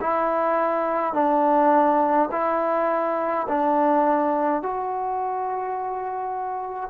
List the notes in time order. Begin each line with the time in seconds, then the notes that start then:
0.00 E4
1.13 D4
2.31 E4
3.48 D4
4.62 F#4